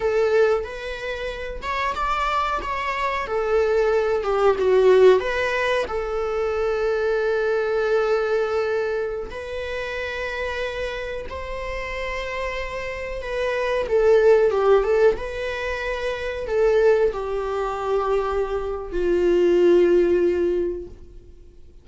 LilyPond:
\new Staff \with { instrumentName = "viola" } { \time 4/4 \tempo 4 = 92 a'4 b'4. cis''8 d''4 | cis''4 a'4. g'8 fis'4 | b'4 a'2.~ | a'2~ a'16 b'4.~ b'16~ |
b'4~ b'16 c''2~ c''8.~ | c''16 b'4 a'4 g'8 a'8 b'8.~ | b'4~ b'16 a'4 g'4.~ g'16~ | g'4 f'2. | }